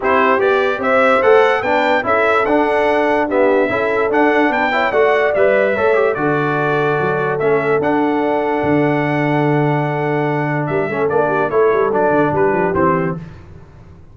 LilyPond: <<
  \new Staff \with { instrumentName = "trumpet" } { \time 4/4 \tempo 4 = 146 c''4 d''4 e''4 fis''4 | g''4 e''4 fis''2 | e''2 fis''4 g''4 | fis''4 e''2 d''4~ |
d''2 e''4 fis''4~ | fis''1~ | fis''2 e''4 d''4 | cis''4 d''4 b'4 c''4 | }
  \new Staff \with { instrumentName = "horn" } { \time 4/4 g'2 c''2 | b'4 a'2. | g'4 a'2 b'8 cis''8 | d''2 cis''4 a'4~ |
a'1~ | a'1~ | a'2 ais'8 a'4 g'8 | a'2 g'2 | }
  \new Staff \with { instrumentName = "trombone" } { \time 4/4 e'4 g'2 a'4 | d'4 e'4 d'2 | b4 e'4 d'4. e'8 | fis'4 b'4 a'8 g'8 fis'4~ |
fis'2 cis'4 d'4~ | d'1~ | d'2~ d'8 cis'8 d'4 | e'4 d'2 c'4 | }
  \new Staff \with { instrumentName = "tuba" } { \time 4/4 c'4 b4 c'4 a4 | b4 cis'4 d'2~ | d'4 cis'4 d'4 b4 | a4 g4 a4 d4~ |
d4 fis4 a4 d'4~ | d'4 d2.~ | d2 g8 a8 ais4 | a8 g8 fis8 d8 g8 f8 e4 | }
>>